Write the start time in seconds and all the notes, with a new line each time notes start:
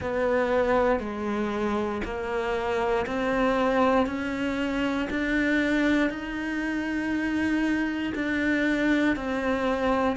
0.00 B3
0.99 G#3
2.04 A#3
3.06 C4
4.06 C#4
5.10 D4
6.10 D#4
8.14 D4
9.15 C4